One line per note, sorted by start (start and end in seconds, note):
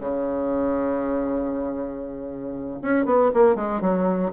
0.00 2.80 C#3
2.82 3.06 C#4
3.06 3.31 B3
3.34 3.56 A#3
3.56 3.81 G#3
3.81 4.32 F#3